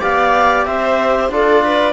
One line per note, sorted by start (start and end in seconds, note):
0.00 0.66 B3
0.00 1.30 G4
0.00 0.65 D5
0.00 0.65 F5
0.65 1.29 C4
0.65 1.32 C5
0.65 1.30 E5
1.29 1.92 D4
1.29 1.92 F4
1.29 1.64 A4
1.29 1.92 D5
1.64 1.92 B4